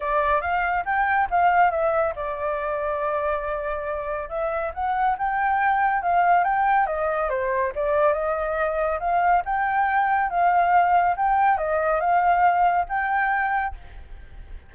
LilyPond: \new Staff \with { instrumentName = "flute" } { \time 4/4 \tempo 4 = 140 d''4 f''4 g''4 f''4 | e''4 d''2.~ | d''2 e''4 fis''4 | g''2 f''4 g''4 |
dis''4 c''4 d''4 dis''4~ | dis''4 f''4 g''2 | f''2 g''4 dis''4 | f''2 g''2 | }